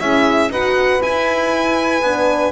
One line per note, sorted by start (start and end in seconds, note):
0.00 0.50 C#4
0.00 0.51 E4
0.00 0.51 G#4
0.00 0.51 E5
0.50 1.01 D#4
0.50 1.01 F#4
0.50 2.52 B4
0.50 1.02 F#5
1.01 2.03 E4
1.01 2.02 E4
1.01 2.52 G#5
2.02 2.52 B3
2.02 2.52 D4